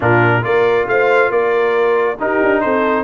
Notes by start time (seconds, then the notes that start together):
0.00 A#2 D4 F4 A#4
0.42 A#3 F4 A#4 D5
0.87 A3 C5 F5
1.30 A#3 A#4 D5
2.19 D#4 G4 A#4
2.42 D4
2.60 C4 A4 C5